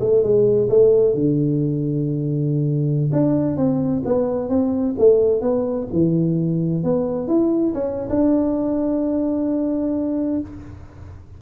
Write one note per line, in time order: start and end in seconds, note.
0.00 0.22 A3
0.22 0.69 G#3
0.69 1.14 A3
1.14 3.10 D3
3.12 3.56 D4
3.56 4.03 C4
4.05 4.49 B3
4.49 4.95 C4
4.98 5.41 A3
5.41 5.87 B3
5.92 6.83 E3
6.83 7.27 B3
7.27 7.73 E4
7.74 8.08 C#4
8.09 10.40 D4